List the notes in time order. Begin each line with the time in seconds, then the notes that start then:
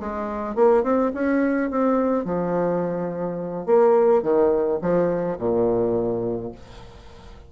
0.00 G#3
0.55 A#3
0.83 C4
1.13 C#4
1.70 C4
2.25 F3
3.66 A#3
4.22 D#3
4.81 F3
5.38 A#2